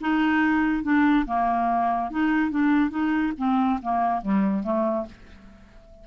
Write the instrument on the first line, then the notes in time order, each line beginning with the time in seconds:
clarinet
0.00 D#4
0.83 D4
1.26 A#3
2.10 D#4
2.50 D4
2.90 D#4
3.37 C4
3.82 A#3
4.21 G3
4.63 A3